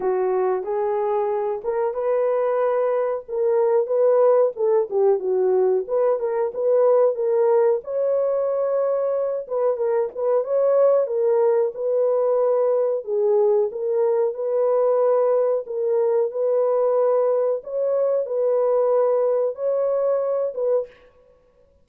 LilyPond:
\new Staff \with { instrumentName = "horn" } { \time 4/4 \tempo 4 = 92 fis'4 gis'4. ais'8 b'4~ | b'4 ais'4 b'4 a'8 g'8 | fis'4 b'8 ais'8 b'4 ais'4 | cis''2~ cis''8 b'8 ais'8 b'8 |
cis''4 ais'4 b'2 | gis'4 ais'4 b'2 | ais'4 b'2 cis''4 | b'2 cis''4. b'8 | }